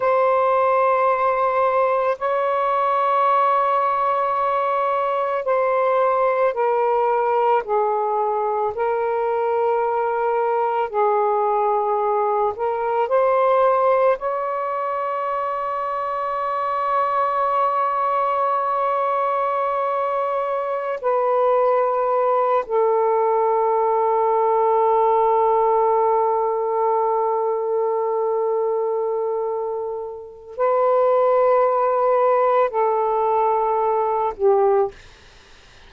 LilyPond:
\new Staff \with { instrumentName = "saxophone" } { \time 4/4 \tempo 4 = 55 c''2 cis''2~ | cis''4 c''4 ais'4 gis'4 | ais'2 gis'4. ais'8 | c''4 cis''2.~ |
cis''2.~ cis''16 b'8.~ | b'8. a'2.~ a'16~ | a'1 | b'2 a'4. g'8 | }